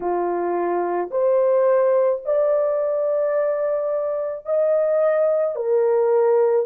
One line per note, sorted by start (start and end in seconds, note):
0.00 1.10 F4
1.11 2.22 C5
2.25 4.45 D5
4.45 5.55 D#5
5.55 6.66 A#4